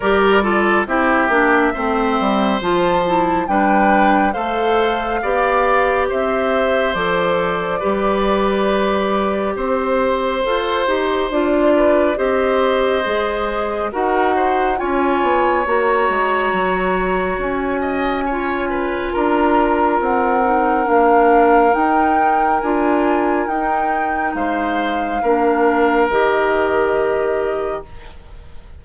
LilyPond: <<
  \new Staff \with { instrumentName = "flute" } { \time 4/4 \tempo 4 = 69 d''4 e''2 a''4 | g''4 f''2 e''4 | d''2. c''4~ | c''4 d''4 dis''2 |
fis''4 gis''4 ais''2 | gis''2 ais''4 fis''4 | f''4 g''4 gis''4 g''4 | f''2 dis''2 | }
  \new Staff \with { instrumentName = "oboe" } { \time 4/4 ais'8 a'8 g'4 c''2 | b'4 c''4 d''4 c''4~ | c''4 b'2 c''4~ | c''4. b'8 c''2 |
ais'8 c''8 cis''2.~ | cis''8 dis''8 cis''8 b'8 ais'2~ | ais'1 | c''4 ais'2. | }
  \new Staff \with { instrumentName = "clarinet" } { \time 4/4 g'8 f'8 e'8 d'8 c'4 f'8 e'8 | d'4 a'4 g'2 | a'4 g'2. | a'8 g'8 f'4 g'4 gis'4 |
fis'4 f'4 fis'2~ | fis'4 f'2~ f'8 dis'8 | d'4 dis'4 f'4 dis'4~ | dis'4 d'4 g'2 | }
  \new Staff \with { instrumentName = "bassoon" } { \time 4/4 g4 c'8 ais8 a8 g8 f4 | g4 a4 b4 c'4 | f4 g2 c'4 | f'8 dis'8 d'4 c'4 gis4 |
dis'4 cis'8 b8 ais8 gis8 fis4 | cis'2 d'4 c'4 | ais4 dis'4 d'4 dis'4 | gis4 ais4 dis2 | }
>>